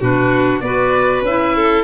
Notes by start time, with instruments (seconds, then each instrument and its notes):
0.00 tuba B2, clarinet D4, violin F#4, oboe B4
0.60 tuba B3, clarinet F#4, violin B4, oboe D5
1.21 tuba C#4, clarinet E4, oboe E5
1.55 violin A4